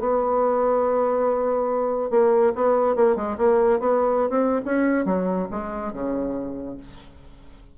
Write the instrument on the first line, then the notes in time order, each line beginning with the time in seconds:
bassoon
0.00 B3
2.11 A#3
2.55 B3
2.96 A#3
3.17 G#3
3.38 A#3
3.80 B3
4.30 C4
4.66 C#4
5.06 F#3
5.51 G#3
5.93 C#3